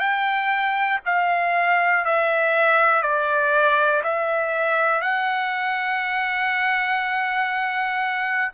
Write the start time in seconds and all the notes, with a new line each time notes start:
0.00 G5
1.05 F5
2.05 E5
3.02 D5
4.04 E5
5.02 F#5